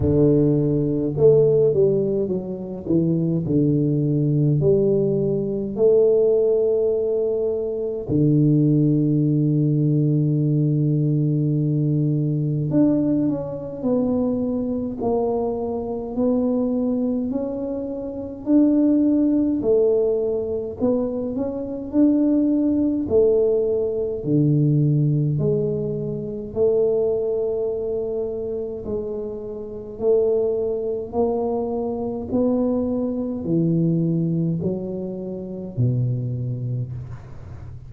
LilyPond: \new Staff \with { instrumentName = "tuba" } { \time 4/4 \tempo 4 = 52 d4 a8 g8 fis8 e8 d4 | g4 a2 d4~ | d2. d'8 cis'8 | b4 ais4 b4 cis'4 |
d'4 a4 b8 cis'8 d'4 | a4 d4 gis4 a4~ | a4 gis4 a4 ais4 | b4 e4 fis4 b,4 | }